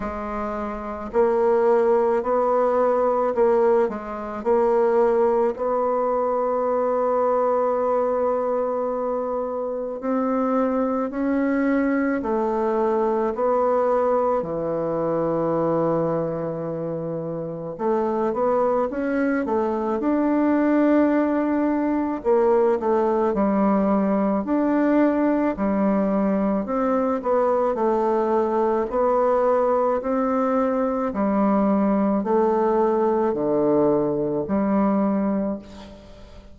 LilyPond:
\new Staff \with { instrumentName = "bassoon" } { \time 4/4 \tempo 4 = 54 gis4 ais4 b4 ais8 gis8 | ais4 b2.~ | b4 c'4 cis'4 a4 | b4 e2. |
a8 b8 cis'8 a8 d'2 | ais8 a8 g4 d'4 g4 | c'8 b8 a4 b4 c'4 | g4 a4 d4 g4 | }